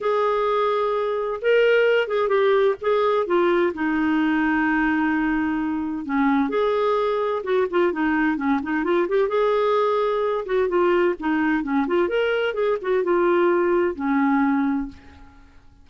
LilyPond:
\new Staff \with { instrumentName = "clarinet" } { \time 4/4 \tempo 4 = 129 gis'2. ais'4~ | ais'8 gis'8 g'4 gis'4 f'4 | dis'1~ | dis'4 cis'4 gis'2 |
fis'8 f'8 dis'4 cis'8 dis'8 f'8 g'8 | gis'2~ gis'8 fis'8 f'4 | dis'4 cis'8 f'8 ais'4 gis'8 fis'8 | f'2 cis'2 | }